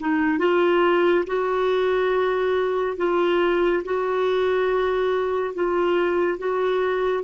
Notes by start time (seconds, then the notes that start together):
0.00 D#4
0.39 F4
1.27 F#4
2.97 F4
3.84 F#4
5.54 F4
6.38 F#4